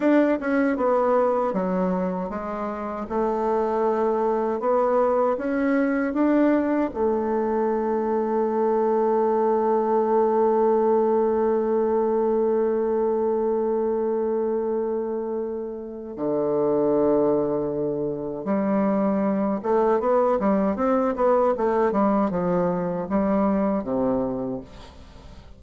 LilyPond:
\new Staff \with { instrumentName = "bassoon" } { \time 4/4 \tempo 4 = 78 d'8 cis'8 b4 fis4 gis4 | a2 b4 cis'4 | d'4 a2.~ | a1~ |
a1~ | a4 d2. | g4. a8 b8 g8 c'8 b8 | a8 g8 f4 g4 c4 | }